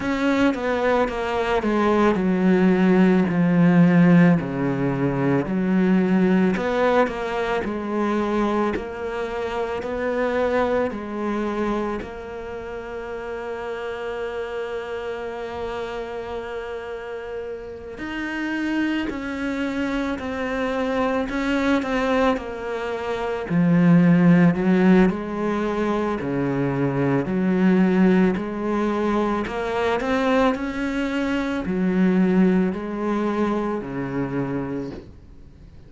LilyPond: \new Staff \with { instrumentName = "cello" } { \time 4/4 \tempo 4 = 55 cis'8 b8 ais8 gis8 fis4 f4 | cis4 fis4 b8 ais8 gis4 | ais4 b4 gis4 ais4~ | ais1~ |
ais8 dis'4 cis'4 c'4 cis'8 | c'8 ais4 f4 fis8 gis4 | cis4 fis4 gis4 ais8 c'8 | cis'4 fis4 gis4 cis4 | }